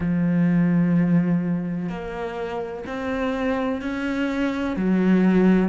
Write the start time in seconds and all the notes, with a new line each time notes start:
0.00 F3
1.89 A#3
2.86 C4
3.81 C#4
4.76 F#3